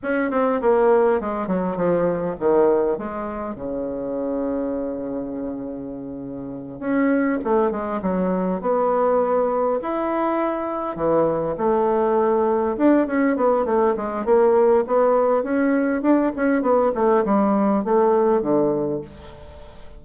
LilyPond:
\new Staff \with { instrumentName = "bassoon" } { \time 4/4 \tempo 4 = 101 cis'8 c'8 ais4 gis8 fis8 f4 | dis4 gis4 cis2~ | cis2.~ cis8 cis'8~ | cis'8 a8 gis8 fis4 b4.~ |
b8 e'2 e4 a8~ | a4. d'8 cis'8 b8 a8 gis8 | ais4 b4 cis'4 d'8 cis'8 | b8 a8 g4 a4 d4 | }